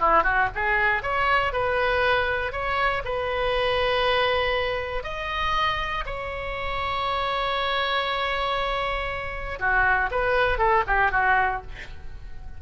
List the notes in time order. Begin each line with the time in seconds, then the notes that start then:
0.00 E4
0.24 F#4
0.55 G#4
1.03 C#5
1.53 B4
2.53 C#5
3.05 B4
5.04 D#5
6.06 C#5
9.60 F#4
10.11 B4
10.58 A4
10.87 G4
11.12 F#4